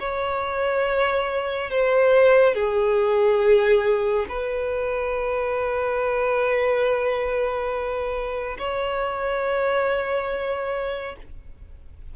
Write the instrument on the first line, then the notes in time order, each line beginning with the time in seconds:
violin
0.00 C#5
1.71 C5
2.55 G#4
4.29 B4
8.59 C#5